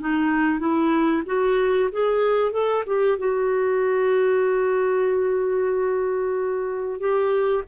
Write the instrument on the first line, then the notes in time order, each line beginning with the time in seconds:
clarinet
0.00 D#4
0.59 E4
1.26 F#4
1.91 G#4
2.52 A4
2.86 G4
3.18 F#4
7.00 G4